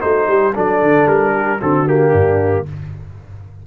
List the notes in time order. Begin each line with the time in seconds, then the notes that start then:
0.00 A3 D#4 F#4 C5
0.28 G3 G4
0.54 F#3 D4 A4 D5
0.83 D3
1.06 G3 A#4
1.34 G4
1.61 D3 C4 F#4 A4
1.87 A#3 G4
2.10 G2 D4